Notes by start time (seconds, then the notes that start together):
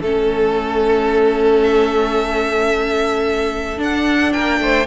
0.00 A3 C#4 A4
1.63 E5
3.77 D4 F#5
4.32 A#3 A#4 G5
4.59 A3 C5